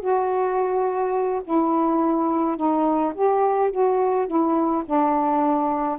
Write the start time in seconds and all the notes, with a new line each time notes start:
0.00 F#4
1.44 E4
2.57 D#4
3.14 G4
3.71 F#4
4.27 E4
4.85 D4